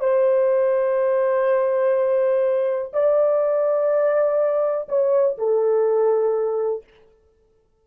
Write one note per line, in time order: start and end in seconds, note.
0.00 2.93 C5
2.93 4.88 D5
4.89 5.38 C#5
5.38 6.84 A4